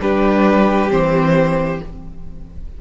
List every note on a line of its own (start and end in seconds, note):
0.00 0.90 G3
0.00 0.89 D4
0.00 1.81 G4
0.00 0.90 B4
0.89 1.81 E3
0.89 1.78 C4
0.89 1.80 C5